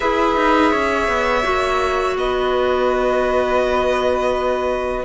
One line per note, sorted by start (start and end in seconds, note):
0.00 0.36 E4
0.00 1.42 G#4
0.00 0.71 B4
0.00 2.16 E5
0.36 0.72 D#4
0.71 1.07 C#4
0.71 2.15 C#5
1.07 1.43 B3
1.42 2.16 A#3
1.42 5.03 F#4
2.16 5.04 B3
2.16 5.04 B4
2.16 5.04 D#5